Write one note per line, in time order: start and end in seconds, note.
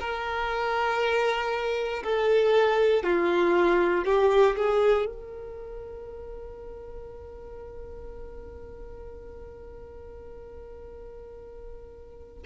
0.00 2.03 A#4
2.04 3.04 A4
3.04 4.05 F4
4.05 4.56 G4
4.56 5.06 G#4
5.06 12.43 A#4